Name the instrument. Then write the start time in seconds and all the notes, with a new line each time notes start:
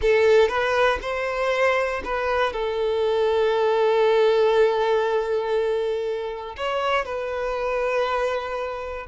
violin
0.01 A4
0.48 B4
1.01 C5
2.04 B4
2.52 A4
6.56 C#5
7.05 B4